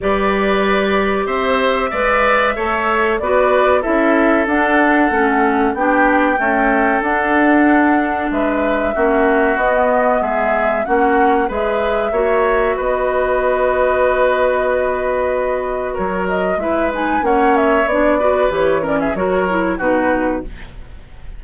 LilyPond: <<
  \new Staff \with { instrumentName = "flute" } { \time 4/4 \tempo 4 = 94 d''2 e''2~ | e''4 d''4 e''4 fis''4~ | fis''4 g''2 fis''4~ | fis''4 e''2 dis''4 |
e''4 fis''4 e''2 | dis''1~ | dis''4 cis''8 dis''8 e''8 gis''8 fis''8 e''8 | d''4 cis''8 d''16 e''16 cis''4 b'4 | }
  \new Staff \with { instrumentName = "oboe" } { \time 4/4 b'2 c''4 d''4 | cis''4 b'4 a'2~ | a'4 g'4 a'2~ | a'4 b'4 fis'2 |
gis'4 fis'4 b'4 cis''4 | b'1~ | b'4 ais'4 b'4 cis''4~ | cis''8 b'4 ais'16 gis'16 ais'4 fis'4 | }
  \new Staff \with { instrumentName = "clarinet" } { \time 4/4 g'2. b'4 | a'4 fis'4 e'4 d'4 | cis'4 d'4 a4 d'4~ | d'2 cis'4 b4~ |
b4 cis'4 gis'4 fis'4~ | fis'1~ | fis'2 e'8 dis'8 cis'4 | d'8 fis'8 g'8 cis'8 fis'8 e'8 dis'4 | }
  \new Staff \with { instrumentName = "bassoon" } { \time 4/4 g2 c'4 gis4 | a4 b4 cis'4 d'4 | a4 b4 cis'4 d'4~ | d'4 gis4 ais4 b4 |
gis4 ais4 gis4 ais4 | b1~ | b4 fis4 gis4 ais4 | b4 e4 fis4 b,4 | }
>>